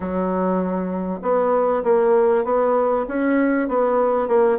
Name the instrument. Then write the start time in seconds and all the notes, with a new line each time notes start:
bassoon
0.00 F#3
1.21 B3
1.83 A#3
2.44 B3
3.08 C#4
3.68 B3
4.27 A#3